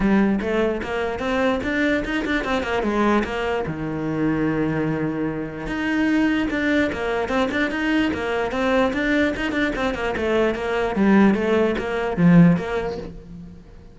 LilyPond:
\new Staff \with { instrumentName = "cello" } { \time 4/4 \tempo 4 = 148 g4 a4 ais4 c'4 | d'4 dis'8 d'8 c'8 ais8 gis4 | ais4 dis2.~ | dis2 dis'2 |
d'4 ais4 c'8 d'8 dis'4 | ais4 c'4 d'4 dis'8 d'8 | c'8 ais8 a4 ais4 g4 | a4 ais4 f4 ais4 | }